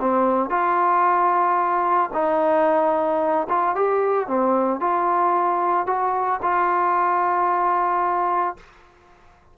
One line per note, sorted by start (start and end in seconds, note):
0.00 0.49 C4
0.49 2.10 F4
2.13 3.47 D#4
3.49 3.75 F4
3.75 4.27 G4
4.27 4.80 C4
4.80 5.86 F4
5.86 6.40 F#4
6.42 8.56 F4